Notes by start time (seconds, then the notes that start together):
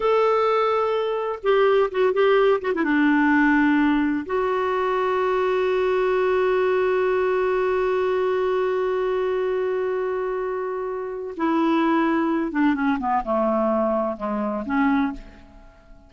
0.00 A4
1.42 G4
1.91 F#4
2.13 G4
2.61 F#4
2.74 E4
2.83 D4
4.26 F#4
11.36 E4
12.51 D4
12.74 C#4
12.99 B3
13.23 A3
14.16 G#3
14.65 C#4